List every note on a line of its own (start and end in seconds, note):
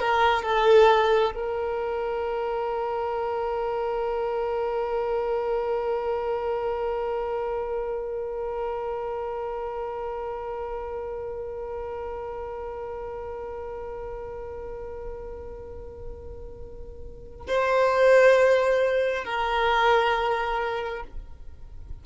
0.00 0.43 A#4
0.43 1.32 A4
1.35 17.47 A#4
17.47 19.25 C5
19.25 21.04 A#4